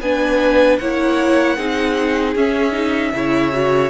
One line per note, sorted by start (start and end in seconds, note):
0.00 0.78 B3
0.00 0.81 D4
0.00 0.80 B4
0.00 0.78 G#5
0.78 1.57 A#3
0.78 1.57 E4
0.78 1.56 C#5
0.78 2.34 F#5
1.56 2.35 C4
1.56 2.35 D#4
1.56 3.12 G#4
2.35 3.13 C#4
2.35 2.72 C#4
2.35 3.89 E5
2.72 3.11 D#4
3.13 3.89 C#3
3.13 3.52 E4
3.13 3.89 C#5
3.52 3.89 F#4